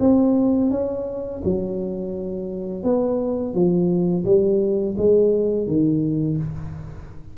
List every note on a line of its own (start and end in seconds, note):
0.00 0.71 C4
0.71 1.41 C#4
1.44 2.83 F#3
2.83 3.54 B3
3.54 4.24 F3
4.25 4.96 G3
4.98 5.67 G#3
5.67 6.38 D#3